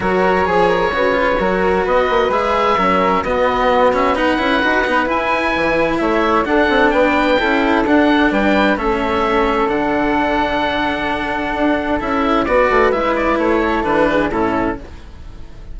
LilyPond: <<
  \new Staff \with { instrumentName = "oboe" } { \time 4/4 \tempo 4 = 130 cis''1 | dis''4 e''2 dis''4~ | dis''8 e''8 fis''2 gis''4~ | gis''4 e''4 fis''4 g''4~ |
g''4 fis''4 g''4 e''4~ | e''4 fis''2.~ | fis''2 e''4 d''4 | e''8 d''8 cis''4 b'4 a'4 | }
  \new Staff \with { instrumentName = "flute" } { \time 4/4 ais'4 gis'8 ais'8 b'4 ais'4 | b'2 ais'4 fis'4~ | fis'4 b'2.~ | b'4 cis''4 a'4 b'4 |
a'2 b'4 a'4~ | a'1~ | a'2. b'4~ | b'4. a'4 gis'8 e'4 | }
  \new Staff \with { instrumentName = "cello" } { \time 4/4 fis'4 gis'4 fis'8 f'8 fis'4~ | fis'4 gis'4 cis'4 b4~ | b8 cis'8 dis'8 e'8 fis'8 dis'8 e'4~ | e'2 d'2 |
e'4 d'2 cis'4~ | cis'4 d'2.~ | d'2 e'4 fis'4 | e'2 d'4 cis'4 | }
  \new Staff \with { instrumentName = "bassoon" } { \time 4/4 fis4 f4 cis4 fis4 | b8 ais8 gis4 fis4 b4~ | b4. cis'8 dis'8 b8 e'4 | e4 a4 d'8 c'8 b4 |
cis'4 d'4 g4 a4~ | a4 d2.~ | d4 d'4 cis'4 b8 a8 | gis4 a4 e4 a,4 | }
>>